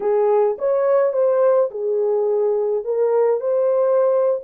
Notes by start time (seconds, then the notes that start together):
0.00 G#4
0.58 C#5
1.12 C5
1.70 G#4
2.84 A#4
3.40 C5